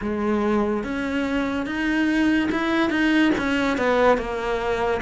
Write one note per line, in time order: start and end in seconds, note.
0.01 0.83 G#3
0.83 1.66 C#4
1.66 2.49 D#4
2.51 2.89 E4
2.89 3.31 D#4
3.37 3.77 C#4
3.77 4.17 B3
4.17 5.00 A#3